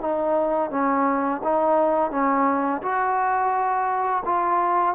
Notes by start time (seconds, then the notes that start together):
0.00 D#4
0.70 C#4
1.43 D#4
2.10 C#4
2.82 F#4
4.25 F4